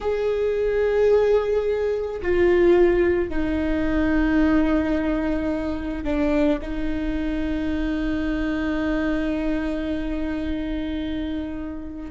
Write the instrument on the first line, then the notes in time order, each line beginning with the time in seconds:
viola
0.01 G#4
2.22 F4
3.29 D#4
6.04 D4
6.61 D#4